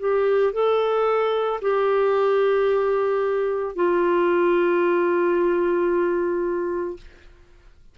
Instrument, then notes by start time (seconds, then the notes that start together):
clarinet
0.00 G4
0.54 A4
1.62 G4
3.75 F4